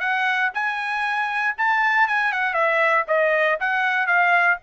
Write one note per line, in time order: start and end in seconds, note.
0.00 0.51 F#5
0.54 1.56 G#5
1.58 2.08 A5
2.08 2.32 G#5
2.32 2.54 F#5
2.54 3.04 E5
3.08 3.58 D#5
3.60 4.07 F#5
4.07 4.58 F5